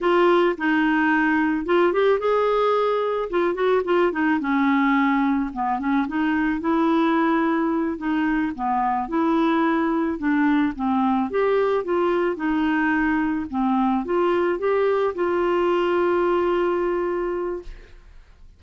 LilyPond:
\new Staff \with { instrumentName = "clarinet" } { \time 4/4 \tempo 4 = 109 f'4 dis'2 f'8 g'8 | gis'2 f'8 fis'8 f'8 dis'8 | cis'2 b8 cis'8 dis'4 | e'2~ e'8 dis'4 b8~ |
b8 e'2 d'4 c'8~ | c'8 g'4 f'4 dis'4.~ | dis'8 c'4 f'4 g'4 f'8~ | f'1 | }